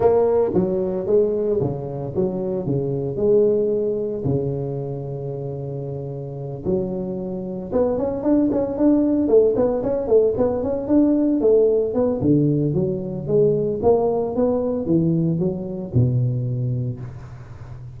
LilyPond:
\new Staff \with { instrumentName = "tuba" } { \time 4/4 \tempo 4 = 113 ais4 fis4 gis4 cis4 | fis4 cis4 gis2 | cis1~ | cis8 fis2 b8 cis'8 d'8 |
cis'8 d'4 a8 b8 cis'8 a8 b8 | cis'8 d'4 a4 b8 d4 | fis4 gis4 ais4 b4 | e4 fis4 b,2 | }